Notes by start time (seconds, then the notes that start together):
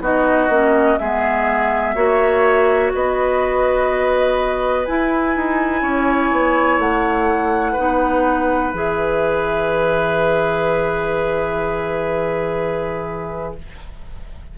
0.00 B3 D#4 F#4 D#5
0.49 A#3 C#4
0.98 G#3 B3 G#4 E5
1.95 A#3 F#4 C#5
2.94 B3 B4 D#5
4.85 E4 G#5
5.36 D#4
5.82 C#4 C#5
6.31 B3
6.78 A3 F#5
7.72 D#4 B4
7.78 B3
8.71 E3 G#4 E5